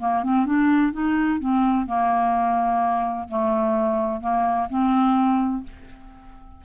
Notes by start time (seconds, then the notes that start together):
0.00 A#3
0.24 C4
0.46 D4
0.93 D#4
1.40 C4
1.87 A#3
3.29 A3
4.21 A#3
4.70 C4